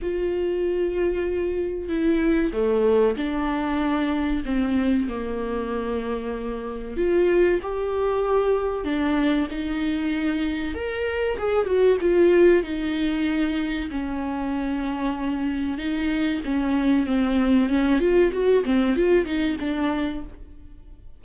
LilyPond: \new Staff \with { instrumentName = "viola" } { \time 4/4 \tempo 4 = 95 f'2. e'4 | a4 d'2 c'4 | ais2. f'4 | g'2 d'4 dis'4~ |
dis'4 ais'4 gis'8 fis'8 f'4 | dis'2 cis'2~ | cis'4 dis'4 cis'4 c'4 | cis'8 f'8 fis'8 c'8 f'8 dis'8 d'4 | }